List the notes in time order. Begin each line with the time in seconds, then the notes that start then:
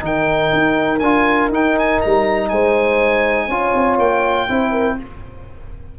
0.00 D#3 D#4 A#4 G5
0.53 D#4
0.99 D4 F4 G#5
1.49 D#4 G5
1.78 G#5
2.01 G3 A#5
2.49 G#3 C5 G#5
3.47 C#4 F4 C#5
3.74 C4
3.98 A#3 G5
4.48 C4 E4 C5
4.71 A#4